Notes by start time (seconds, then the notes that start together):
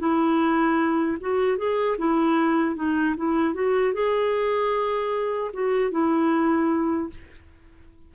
0.00 E4
1.21 F#4
1.58 G#4
1.98 E4
2.76 D#4
3.18 E4
3.55 F#4
3.94 G#4
5.54 F#4
5.92 E4